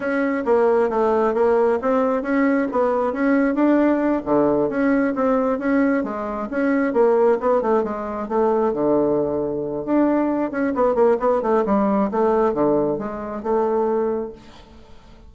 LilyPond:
\new Staff \with { instrumentName = "bassoon" } { \time 4/4 \tempo 4 = 134 cis'4 ais4 a4 ais4 | c'4 cis'4 b4 cis'4 | d'4. d4 cis'4 c'8~ | c'8 cis'4 gis4 cis'4 ais8~ |
ais8 b8 a8 gis4 a4 d8~ | d2 d'4. cis'8 | b8 ais8 b8 a8 g4 a4 | d4 gis4 a2 | }